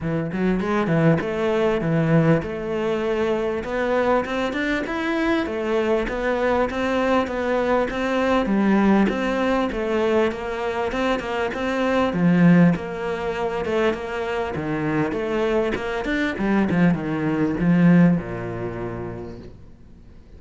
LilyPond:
\new Staff \with { instrumentName = "cello" } { \time 4/4 \tempo 4 = 99 e8 fis8 gis8 e8 a4 e4 | a2 b4 c'8 d'8 | e'4 a4 b4 c'4 | b4 c'4 g4 c'4 |
a4 ais4 c'8 ais8 c'4 | f4 ais4. a8 ais4 | dis4 a4 ais8 d'8 g8 f8 | dis4 f4 ais,2 | }